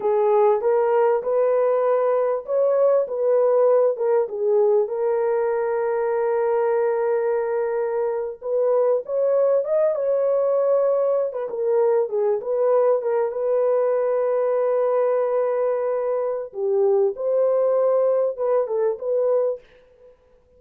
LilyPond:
\new Staff \with { instrumentName = "horn" } { \time 4/4 \tempo 4 = 98 gis'4 ais'4 b'2 | cis''4 b'4. ais'8 gis'4 | ais'1~ | ais'4.~ ais'16 b'4 cis''4 dis''16~ |
dis''16 cis''2~ cis''16 b'16 ais'4 gis'16~ | gis'16 b'4 ais'8 b'2~ b'16~ | b'2. g'4 | c''2 b'8 a'8 b'4 | }